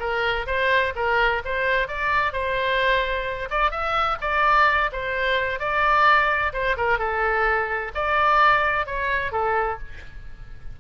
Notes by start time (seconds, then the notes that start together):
0.00 A#4
0.47 C5
0.96 A#4
1.45 C5
1.88 D5
2.33 C5
3.51 D5
3.71 E5
4.21 D5
4.93 C5
5.60 D5
6.53 C5
6.77 A#4
6.99 A4
7.95 D5
8.86 C#5
9.32 A4